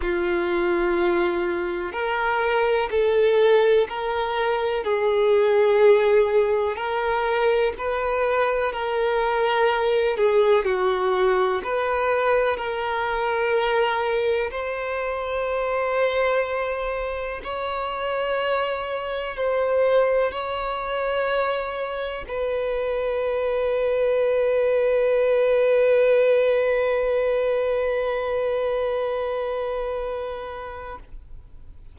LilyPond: \new Staff \with { instrumentName = "violin" } { \time 4/4 \tempo 4 = 62 f'2 ais'4 a'4 | ais'4 gis'2 ais'4 | b'4 ais'4. gis'8 fis'4 | b'4 ais'2 c''4~ |
c''2 cis''2 | c''4 cis''2 b'4~ | b'1~ | b'1 | }